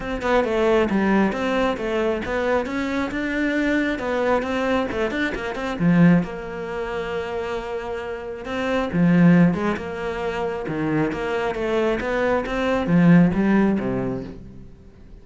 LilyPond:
\new Staff \with { instrumentName = "cello" } { \time 4/4 \tempo 4 = 135 c'8 b8 a4 g4 c'4 | a4 b4 cis'4 d'4~ | d'4 b4 c'4 a8 d'8 | ais8 c'8 f4 ais2~ |
ais2. c'4 | f4. gis8 ais2 | dis4 ais4 a4 b4 | c'4 f4 g4 c4 | }